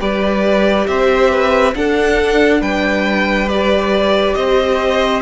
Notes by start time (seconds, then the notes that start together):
0.00 G3 G4 B4 D5
0.87 C4 C5 E5
1.31 B4
1.74 D4 A4 F#5
2.61 G3 B4 G5
3.49 G4 D5
4.35 C4 C5 D#5